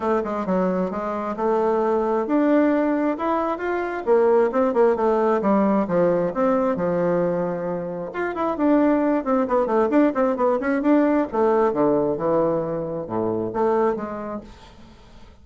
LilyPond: \new Staff \with { instrumentName = "bassoon" } { \time 4/4 \tempo 4 = 133 a8 gis8 fis4 gis4 a4~ | a4 d'2 e'4 | f'4 ais4 c'8 ais8 a4 | g4 f4 c'4 f4~ |
f2 f'8 e'8 d'4~ | d'8 c'8 b8 a8 d'8 c'8 b8 cis'8 | d'4 a4 d4 e4~ | e4 a,4 a4 gis4 | }